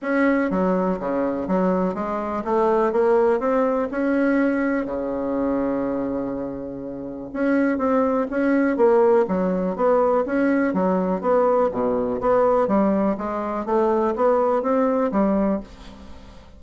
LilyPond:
\new Staff \with { instrumentName = "bassoon" } { \time 4/4 \tempo 4 = 123 cis'4 fis4 cis4 fis4 | gis4 a4 ais4 c'4 | cis'2 cis2~ | cis2. cis'4 |
c'4 cis'4 ais4 fis4 | b4 cis'4 fis4 b4 | b,4 b4 g4 gis4 | a4 b4 c'4 g4 | }